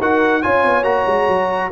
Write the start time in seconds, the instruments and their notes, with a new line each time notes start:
0.00 tuba D#4, trombone F#4, horn A#4, trumpet F#5
0.43 tuba C#4, trombone F4, horn C#5, trumpet G#5
0.64 tuba B3
0.83 tuba A#3, trombone F#4, trumpet A#5
1.07 tuba G#3
1.28 tuba F#3